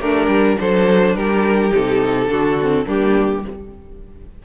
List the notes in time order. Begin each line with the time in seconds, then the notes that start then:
0.00 A3 D4 G4 A#4
0.28 G3
0.57 F#3 D4 A4 C5
1.16 G3 G4 A#4
1.71 C3 D#4 A4
2.28 D3 D4 F#4
2.62 C4
2.86 G3 A#3 D4 G4